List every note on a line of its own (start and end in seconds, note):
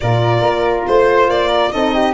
0.00 0.41 A#2
0.00 1.73 F4
0.00 0.87 A#4
0.00 0.85 D5
0.41 0.84 A#3
0.87 1.28 A3
0.87 1.30 C5
0.87 1.48 C5
1.28 1.70 A#3
1.28 1.71 D5
1.48 1.69 A#4
1.71 2.13 C4
1.71 2.13 D#4
1.71 1.93 A4
1.71 2.13 D#5
1.93 2.13 G4